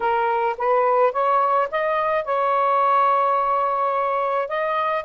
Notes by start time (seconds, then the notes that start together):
0.00 A#4
0.57 B4
1.12 C#5
1.71 D#5
2.24 C#5
4.48 D#5